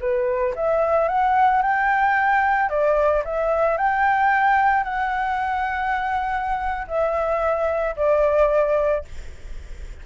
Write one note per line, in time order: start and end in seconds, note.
0.00 0.54 B4
0.55 1.08 E5
1.08 1.62 F#5
1.62 2.69 G5
2.69 3.23 D5
3.24 3.77 E5
3.77 4.84 G5
4.84 6.86 F#5
6.87 7.95 E5
7.96 9.04 D5